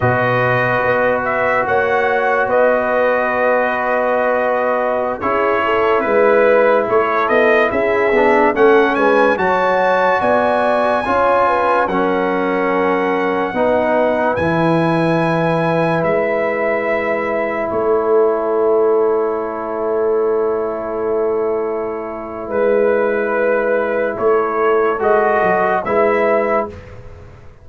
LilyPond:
<<
  \new Staff \with { instrumentName = "trumpet" } { \time 4/4 \tempo 4 = 72 dis''4. e''8 fis''4 dis''4~ | dis''2~ dis''16 cis''4 b'8.~ | b'16 cis''8 dis''8 e''4 fis''8 gis''8 a''8.~ | a''16 gis''2 fis''4.~ fis''16~ |
fis''4~ fis''16 gis''2 e''8.~ | e''4~ e''16 cis''2~ cis''8.~ | cis''2. b'4~ | b'4 cis''4 dis''4 e''4 | }
  \new Staff \with { instrumentName = "horn" } { \time 4/4 b'2 cis''4 b'4~ | b'2~ b'16 gis'8 a'8 b'8.~ | b'16 a'4 gis'4 a'8 b'8 cis''8.~ | cis''16 d''4 cis''8 b'8 ais'4.~ ais'16~ |
ais'16 b'2.~ b'8.~ | b'4~ b'16 a'2~ a'8.~ | a'2. b'4~ | b'4 a'2 b'4 | }
  \new Staff \with { instrumentName = "trombone" } { \time 4/4 fis'1~ | fis'2~ fis'16 e'4.~ e'16~ | e'4.~ e'16 d'8 cis'4 fis'8.~ | fis'4~ fis'16 f'4 cis'4.~ cis'16~ |
cis'16 dis'4 e'2~ e'8.~ | e'1~ | e'1~ | e'2 fis'4 e'4 | }
  \new Staff \with { instrumentName = "tuba" } { \time 4/4 b,4 b4 ais4 b4~ | b2~ b16 cis'4 gis8.~ | gis16 a8 b8 cis'8 b8 a8 gis8 fis8.~ | fis16 b4 cis'4 fis4.~ fis16~ |
fis16 b4 e2 gis8.~ | gis4~ gis16 a2~ a8.~ | a2. gis4~ | gis4 a4 gis8 fis8 gis4 | }
>>